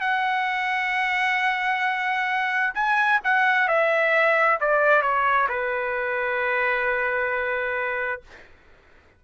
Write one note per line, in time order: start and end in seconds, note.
0.00 2.73 F#5
2.74 3.19 G#5
3.24 3.67 F#5
3.67 4.58 E5
4.60 5.02 D5
5.02 5.47 C#5
5.48 8.21 B4